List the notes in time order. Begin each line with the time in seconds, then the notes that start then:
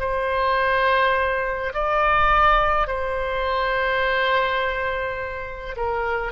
0.00 C5
1.74 D5
2.87 C5
5.76 A#4